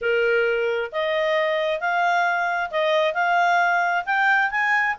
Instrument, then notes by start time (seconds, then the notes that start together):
clarinet
0.01 A#4
0.91 D#5
1.80 F5
2.70 D#5
3.14 F5
4.05 G5
4.51 G#5